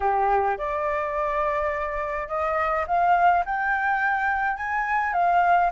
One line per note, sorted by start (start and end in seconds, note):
0.00 0.57 G4
0.57 2.28 D5
2.28 2.85 D#5
2.87 3.44 F5
3.45 4.56 G5
4.56 5.13 G#5
5.13 5.70 F5